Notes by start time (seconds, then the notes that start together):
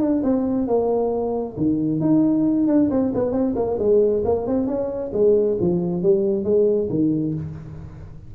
0.00 D4
0.23 C4
0.67 A#3
1.57 D#3
2.00 D#4
2.67 D4
2.91 C4
3.14 B3
3.32 C4
3.55 A#3
3.79 G#3
4.25 A#3
4.47 C4
4.67 C#4
5.13 G#3
5.60 F3
6.02 G3
6.44 G#3
6.90 D#3